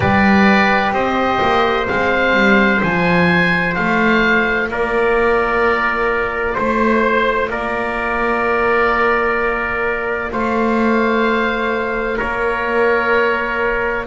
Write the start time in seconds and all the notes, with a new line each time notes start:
0.00 G3 G4 B4 D5
0.92 C4 C5 D#5
1.41 A#3
1.86 G#3 C4 F5
2.34 G3
2.79 F3 F4 G#5
3.74 A3 F5
4.68 A#3 A#4 D5
6.54 A3 C5
7.49 A#3 A#4 D5
10.31 A3 C5 F5
12.17 A#3 A#4 C#5